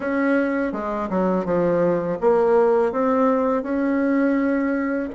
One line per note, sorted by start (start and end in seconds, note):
0.00 0.72 C#4
0.72 1.09 G#3
1.09 1.45 F#3
1.45 2.18 F3
2.20 2.91 A#3
2.91 3.62 C4
3.62 5.09 C#4